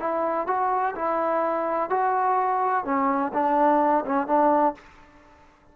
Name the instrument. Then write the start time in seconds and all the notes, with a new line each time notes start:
trombone
0.00 E4
0.47 F#4
0.95 E4
1.90 F#4
2.85 C#4
3.33 D4
4.06 C#4
4.27 D4